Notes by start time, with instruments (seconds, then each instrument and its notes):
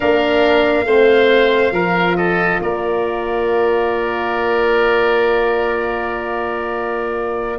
0.00 tuba A#3, horn D4, oboe A#4, trumpet F5
0.85 tuba A3, horn C4, oboe C5
1.71 tuba F3, horn F4, oboe A#4
2.16 oboe A4, trumpet D#5
2.60 tuba A#3, oboe A#4, trumpet D5